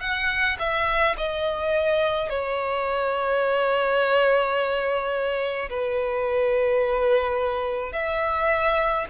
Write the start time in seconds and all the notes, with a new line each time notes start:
0.00 F#5
0.59 E5
1.17 D#5
2.29 C#5
5.69 B4
7.92 E5